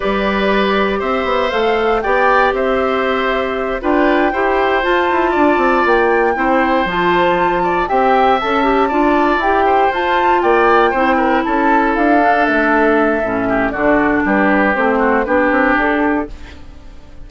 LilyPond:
<<
  \new Staff \with { instrumentName = "flute" } { \time 4/4 \tempo 4 = 118 d''2 e''4 f''4 | g''4 e''2~ e''8 g''8~ | g''4. a''2 g''8~ | g''4. a''2 g''8~ |
g''8 a''2 g''4 a''8~ | a''8 g''2 a''4 f''8~ | f''8 e''2~ e''8 d''4 | b'4 c''4 b'4 a'4 | }
  \new Staff \with { instrumentName = "oboe" } { \time 4/4 b'2 c''2 | d''4 c''2~ c''8 b'8~ | b'8 c''2 d''4.~ | d''8 c''2~ c''8 d''8 e''8~ |
e''4. d''4. c''4~ | c''8 d''4 c''8 ais'8 a'4.~ | a'2~ a'8 g'8 fis'4 | g'4. fis'8 g'2 | }
  \new Staff \with { instrumentName = "clarinet" } { \time 4/4 g'2. a'4 | g'2.~ g'8 f'8~ | f'8 g'4 f'2~ f'8~ | f'8 e'4 f'2 g'8~ |
g'8 a'8 g'8 f'4 g'4 f'8~ | f'4. e'2~ e'8 | d'2 cis'4 d'4~ | d'4 c'4 d'2 | }
  \new Staff \with { instrumentName = "bassoon" } { \time 4/4 g2 c'8 b8 a4 | b4 c'2~ c'8 d'8~ | d'8 e'4 f'8 e'8 d'8 c'8 ais8~ | ais8 c'4 f2 c'8~ |
c'8 cis'4 d'4 e'4 f'8~ | f'8 ais4 c'4 cis'4 d'8~ | d'8 a4. a,4 d4 | g4 a4 b8 c'8 d'4 | }
>>